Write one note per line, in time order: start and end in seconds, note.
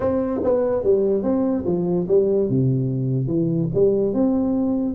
0.00 0.41 C4
0.43 0.83 B3
0.83 1.23 G3
1.23 1.64 C4
1.66 2.07 F3
2.08 2.49 G3
2.49 3.27 C3
3.27 3.68 E3
3.74 4.13 G3
4.13 4.95 C4